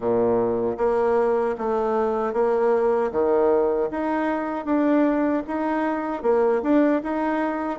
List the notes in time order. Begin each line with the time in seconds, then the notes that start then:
0.00 A#2
0.77 A#3
1.58 A3
2.33 A#3
3.11 D#3
3.90 D#4
4.65 D4
5.47 D#4
6.22 A#3
6.62 D4
7.03 D#4